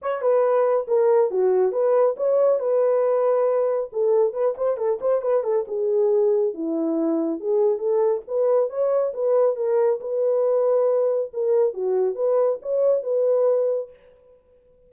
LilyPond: \new Staff \with { instrumentName = "horn" } { \time 4/4 \tempo 4 = 138 cis''8 b'4. ais'4 fis'4 | b'4 cis''4 b'2~ | b'4 a'4 b'8 c''8 a'8 c''8 | b'8 a'8 gis'2 e'4~ |
e'4 gis'4 a'4 b'4 | cis''4 b'4 ais'4 b'4~ | b'2 ais'4 fis'4 | b'4 cis''4 b'2 | }